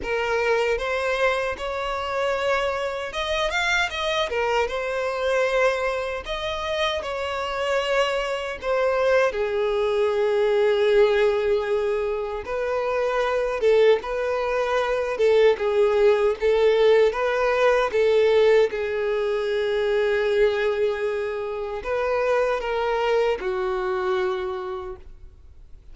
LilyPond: \new Staff \with { instrumentName = "violin" } { \time 4/4 \tempo 4 = 77 ais'4 c''4 cis''2 | dis''8 f''8 dis''8 ais'8 c''2 | dis''4 cis''2 c''4 | gis'1 |
b'4. a'8 b'4. a'8 | gis'4 a'4 b'4 a'4 | gis'1 | b'4 ais'4 fis'2 | }